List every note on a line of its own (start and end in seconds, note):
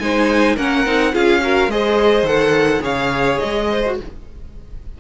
0.00 0.57 G#3
0.00 0.58 D#4
0.00 0.56 C5
0.00 0.57 G#5
0.56 0.86 A#3
0.56 0.86 C#4
0.56 1.13 A#4
0.56 1.15 F#5
0.86 1.14 C4
0.86 1.13 D#4
1.13 1.68 C#4
1.13 1.41 F4
1.13 1.41 G#4
1.13 1.71 F5
1.42 1.70 F#4
1.42 1.72 A#4
1.68 2.23 G#3
1.68 2.27 G#4
1.68 2.82 C5
1.68 2.27 D#5
2.23 2.80 D#3
2.23 2.81 A4
2.23 2.83 F#5
2.81 3.38 C#3
2.81 3.80 G#4
2.81 3.67 C#5
2.81 3.39 F5
3.39 4.01 G#3
3.39 3.96 D#5
3.70 3.99 C5
3.86 4.00 F#4